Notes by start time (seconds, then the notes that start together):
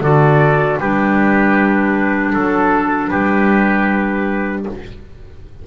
0.00 D3 F#4 A4 D5
0.79 G3 D4 G4 B4
2.33 F#3 A4
3.09 G3 G4 B4